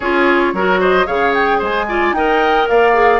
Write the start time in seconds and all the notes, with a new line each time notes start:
0.00 C#4 F4 G#4 C#5
0.53 F#3 F#4 A#4
0.80 C5 D#5
1.06 C#3 G#4 C#5 F5
1.34 G5
1.58 G#3 C5 G#5
1.88 F4 D5
2.11 D#4 A#4 D#5 G5
2.68 A#3 D5 F5
2.93 G#4